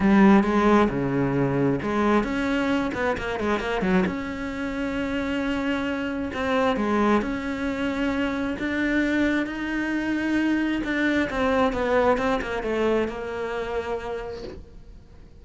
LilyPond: \new Staff \with { instrumentName = "cello" } { \time 4/4 \tempo 4 = 133 g4 gis4 cis2 | gis4 cis'4. b8 ais8 gis8 | ais8 fis8 cis'2.~ | cis'2 c'4 gis4 |
cis'2. d'4~ | d'4 dis'2. | d'4 c'4 b4 c'8 ais8 | a4 ais2. | }